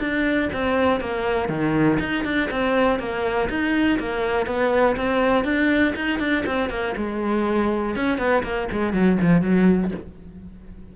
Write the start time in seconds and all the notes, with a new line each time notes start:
0.00 D4
0.53 C4
1.01 A#3
1.49 D#3
2.00 D#4
2.24 D4
2.51 C4
2.99 A#3
3.49 D#4
3.99 A#3
4.47 B3
4.97 C4
5.45 D4
5.96 D#4
6.19 D4
6.46 C4
6.70 A#3
6.97 G#3
7.96 C#4
8.18 B3
8.43 A#3
8.72 G#3
8.93 F#3
9.22 F3
9.42 F#3